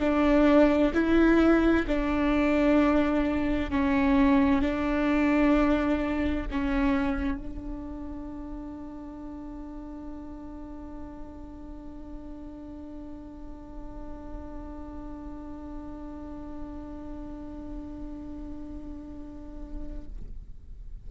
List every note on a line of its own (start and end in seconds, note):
0.00 0.92 D4
0.94 1.86 E4
1.88 3.71 D4
3.71 4.62 C#4
4.62 6.47 D4
6.51 7.38 C#4
7.38 20.07 D4